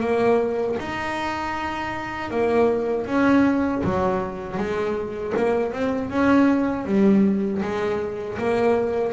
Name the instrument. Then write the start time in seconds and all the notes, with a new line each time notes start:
double bass
0.00 A#3
0.79 D#4
2.31 A#3
3.06 C#4
3.84 F#3
4.57 G#3
5.37 A#3
5.73 C4
6.10 C#4
6.86 G3
7.62 G#3
8.38 A#3